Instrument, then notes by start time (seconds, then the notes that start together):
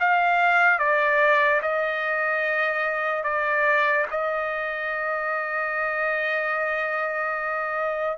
trumpet
0.00 F5
0.79 D5
1.62 D#5
3.24 D5
4.11 D#5